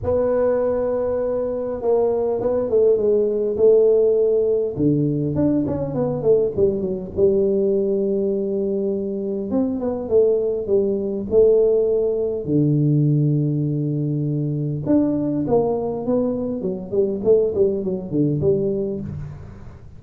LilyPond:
\new Staff \with { instrumentName = "tuba" } { \time 4/4 \tempo 4 = 101 b2. ais4 | b8 a8 gis4 a2 | d4 d'8 cis'8 b8 a8 g8 fis8 | g1 |
c'8 b8 a4 g4 a4~ | a4 d2.~ | d4 d'4 ais4 b4 | fis8 g8 a8 g8 fis8 d8 g4 | }